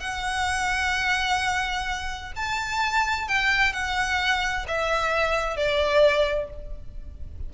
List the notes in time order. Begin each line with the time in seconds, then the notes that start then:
0.00 F#5
2.36 A5
3.28 G5
3.73 F#5
4.68 E5
5.57 D5